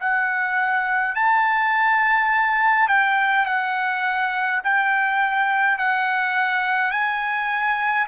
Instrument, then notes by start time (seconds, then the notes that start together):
trumpet
0.00 F#5
1.15 A5
2.88 G5
3.46 F#5
4.64 G5
5.78 F#5
6.91 G#5